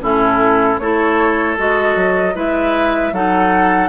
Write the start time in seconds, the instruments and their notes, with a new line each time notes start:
0.00 bassoon A2, clarinet C#4, oboe E4, flute A4
0.78 bassoon A3, clarinet E4, oboe A4, flute C#5
1.57 bassoon G#3, clarinet F#4, flute D#5
1.95 bassoon F#3
2.34 bassoon G#3, clarinet E4, oboe B4, flute E5
3.12 bassoon F#3, clarinet D#4, oboe A4, flute F#5